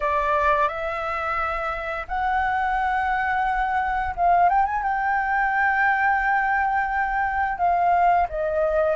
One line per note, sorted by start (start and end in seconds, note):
0.00 0.68 D5
0.68 2.06 E5
2.08 4.14 F#5
4.15 4.49 F5
4.49 4.66 G5
4.66 4.82 G#5
4.82 7.58 G5
7.58 8.27 F5
8.29 8.96 D#5